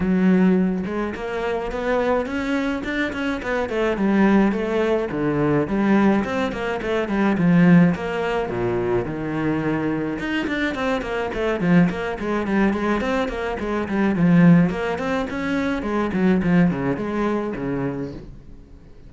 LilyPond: \new Staff \with { instrumentName = "cello" } { \time 4/4 \tempo 4 = 106 fis4. gis8 ais4 b4 | cis'4 d'8 cis'8 b8 a8 g4 | a4 d4 g4 c'8 ais8 | a8 g8 f4 ais4 ais,4 |
dis2 dis'8 d'8 c'8 ais8 | a8 f8 ais8 gis8 g8 gis8 c'8 ais8 | gis8 g8 f4 ais8 c'8 cis'4 | gis8 fis8 f8 cis8 gis4 cis4 | }